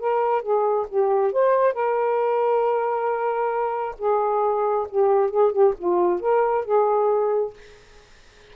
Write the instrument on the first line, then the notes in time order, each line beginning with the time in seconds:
saxophone
0.00 A#4
0.43 G#4
0.89 G4
1.33 C5
1.74 A#4
3.99 G#4
4.90 G4
5.31 G#4
5.53 G4
5.79 F4
6.21 A#4
6.65 G#4